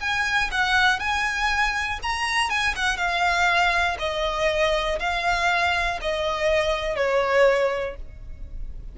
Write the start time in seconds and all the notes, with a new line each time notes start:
0.00 G#5
0.51 F#5
0.99 G#5
2.03 A#5
2.50 G#5
2.76 F#5
2.97 F5
3.99 D#5
4.99 F5
6.01 D#5
6.96 C#5